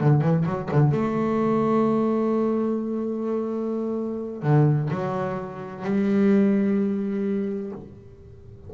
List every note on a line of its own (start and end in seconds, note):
0.00 0.21 D3
0.21 0.45 E3
0.45 0.69 F#3
0.71 0.91 D3
0.91 4.42 A3
4.42 4.89 D3
4.90 5.84 F#3
5.84 7.72 G3